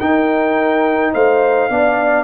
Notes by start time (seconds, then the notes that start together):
0.00 D#4 A#4 G5
1.13 A3 C5 F5
1.70 B3 D4 D5